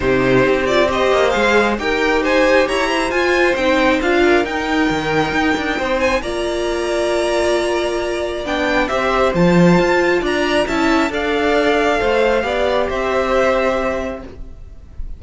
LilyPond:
<<
  \new Staff \with { instrumentName = "violin" } { \time 4/4 \tempo 4 = 135 c''4. d''8 dis''4 f''4 | g''4 gis''4 ais''4 gis''4 | g''4 f''4 g''2~ | g''4. gis''8 ais''2~ |
ais''2. g''4 | e''4 a''2 ais''4 | a''4 f''2.~ | f''4 e''2. | }
  \new Staff \with { instrumentName = "violin" } { \time 4/4 g'2 c''2 | ais'4 c''4 cis''8 c''4.~ | c''4. ais'2~ ais'8~ | ais'4 c''4 d''2~ |
d''1 | c''2. d''4 | e''4 d''2 c''4 | d''4 c''2. | }
  \new Staff \with { instrumentName = "viola" } { \time 4/4 dis'4. f'8 g'4 gis'4 | g'2. f'4 | dis'4 f'4 dis'2~ | dis'2 f'2~ |
f'2. d'4 | g'4 f'2. | e'4 a'2. | g'1 | }
  \new Staff \with { instrumentName = "cello" } { \time 4/4 c4 c'4. ais8 gis4 | dis'2 e'4 f'4 | c'4 d'4 dis'4 dis4 | dis'8 d'8 c'4 ais2~ |
ais2. b4 | c'4 f4 f'4 d'4 | cis'4 d'2 a4 | b4 c'2. | }
>>